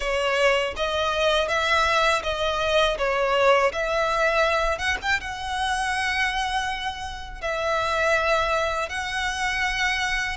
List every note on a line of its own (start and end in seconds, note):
0.00 0.74 C#5
0.76 1.48 D#5
1.48 2.22 E5
2.23 2.97 D#5
2.98 3.72 C#5
3.72 4.78 E5
4.78 4.97 F#5
5.02 5.20 G5
5.20 7.41 F#5
7.41 8.89 E5
8.89 10.36 F#5